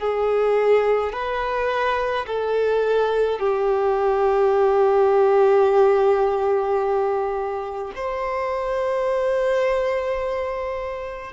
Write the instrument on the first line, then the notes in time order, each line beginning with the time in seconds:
violin
0.00 G#4
1.12 B4
2.26 A4
3.39 G4
7.96 C5